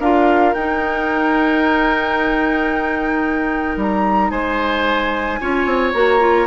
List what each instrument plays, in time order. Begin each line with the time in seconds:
0.00 bassoon D4, clarinet F4, oboe A#4, flute F5
0.54 bassoon D#4, clarinet D#4, flute G5
3.77 bassoon G3, flute A#5
4.30 bassoon G#3, oboe C5, flute G#5
5.41 bassoon C#4, clarinet F4, oboe C#5
5.66 bassoon C4
5.93 bassoon A#3, clarinet F#4, flute A#5
6.20 clarinet F4